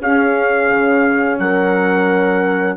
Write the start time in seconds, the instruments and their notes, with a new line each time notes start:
0.00 bassoon C#4, saxophone C#4, horn G#4, trumpet F5
0.70 bassoon C#3
1.39 bassoon F#3, horn A#4, trumpet F#5